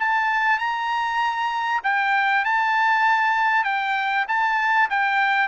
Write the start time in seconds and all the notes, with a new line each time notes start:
0.00 A5
0.59 A#5
1.84 G5
2.45 A5
3.65 G5
4.28 A5
4.90 G5